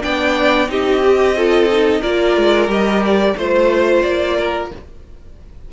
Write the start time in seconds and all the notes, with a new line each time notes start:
0.00 B3 D4 D5 G5
0.68 C4 D#4 G4 D#5
1.04 G4
1.36 F4 A4
1.71 D#4
2.01 A#3 F4 A#4 D5
2.37 G#3
2.67 G3 G4 D#5
3.05 D5
3.37 A3 F4 C5
4.02 A#3 D5
4.38 A#4